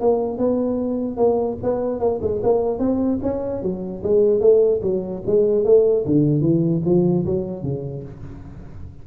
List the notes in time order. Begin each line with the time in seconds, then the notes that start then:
0.00 A#3
0.38 B3
1.17 A#3
1.62 B3
1.99 A#3
2.21 G#3
2.43 A#3
2.79 C4
3.22 C#4
3.62 F#3
4.03 G#3
4.40 A3
4.82 F#3
5.26 G#3
5.64 A3
6.05 D3
6.41 E3
6.85 F3
7.25 F#3
7.63 C#3